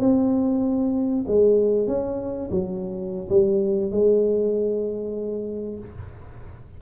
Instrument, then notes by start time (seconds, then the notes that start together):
tuba
0.00 C4
1.28 G#3
1.88 C#4
2.51 F#3
3.30 G3
3.92 G#3